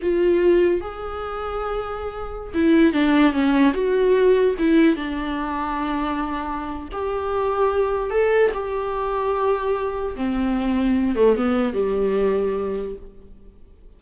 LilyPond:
\new Staff \with { instrumentName = "viola" } { \time 4/4 \tempo 4 = 148 f'2 gis'2~ | gis'2~ gis'16 e'4 d'8.~ | d'16 cis'4 fis'2 e'8.~ | e'16 d'2.~ d'8.~ |
d'4 g'2. | a'4 g'2.~ | g'4 c'2~ c'8 a8 | b4 g2. | }